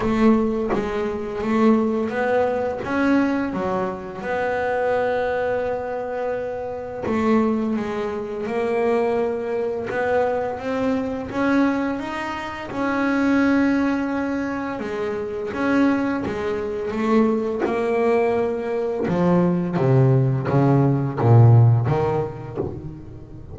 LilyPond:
\new Staff \with { instrumentName = "double bass" } { \time 4/4 \tempo 4 = 85 a4 gis4 a4 b4 | cis'4 fis4 b2~ | b2 a4 gis4 | ais2 b4 c'4 |
cis'4 dis'4 cis'2~ | cis'4 gis4 cis'4 gis4 | a4 ais2 f4 | c4 cis4 ais,4 dis4 | }